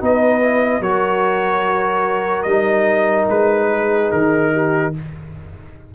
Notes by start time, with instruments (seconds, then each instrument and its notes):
0.00 tuba B3, trombone D#4, horn B4, trumpet D#5
0.41 trombone E4
0.80 tuba F#3, trombone F#4, horn A#4, trumpet C#5
2.42 tuba G3, trombone D#4, trumpet D#5
3.29 tuba G#3, trumpet B4
3.70 horn G#4
4.11 tuba D#3, trumpet A#4
4.52 horn G4